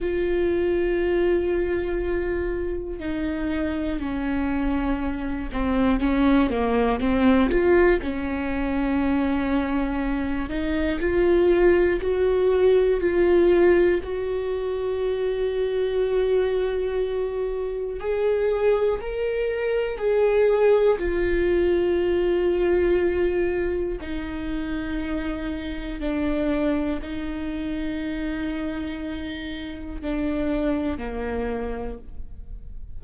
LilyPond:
\new Staff \with { instrumentName = "viola" } { \time 4/4 \tempo 4 = 60 f'2. dis'4 | cis'4. c'8 cis'8 ais8 c'8 f'8 | cis'2~ cis'8 dis'8 f'4 | fis'4 f'4 fis'2~ |
fis'2 gis'4 ais'4 | gis'4 f'2. | dis'2 d'4 dis'4~ | dis'2 d'4 ais4 | }